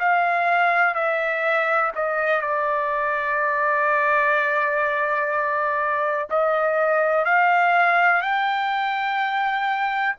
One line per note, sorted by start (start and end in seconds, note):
0.00 0.95 F5
0.95 1.92 E5
1.96 2.42 D#5
2.42 6.29 D5
6.30 7.25 D#5
7.25 8.22 F5
8.22 10.16 G5